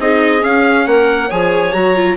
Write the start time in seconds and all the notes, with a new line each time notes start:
0.00 C4 D#4 G#4 D#5
0.40 C#4 F5
0.87 A#3 A#4 F#5
1.29 F3 G#4 C#5 G#5
1.73 F#3 F#4 A#5
1.95 F4